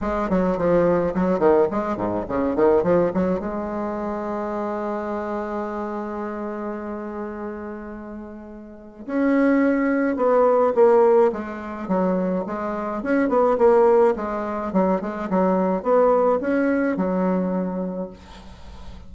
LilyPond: \new Staff \with { instrumentName = "bassoon" } { \time 4/4 \tempo 4 = 106 gis8 fis8 f4 fis8 dis8 gis8 gis,8 | cis8 dis8 f8 fis8 gis2~ | gis1~ | gis1 |
cis'2 b4 ais4 | gis4 fis4 gis4 cis'8 b8 | ais4 gis4 fis8 gis8 fis4 | b4 cis'4 fis2 | }